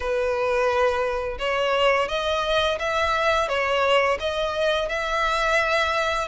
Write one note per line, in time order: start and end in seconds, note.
0.00 1.38 B4
1.38 2.08 C#5
2.08 2.78 D#5
2.79 3.48 E5
3.48 4.18 C#5
4.19 4.88 D#5
4.88 6.28 E5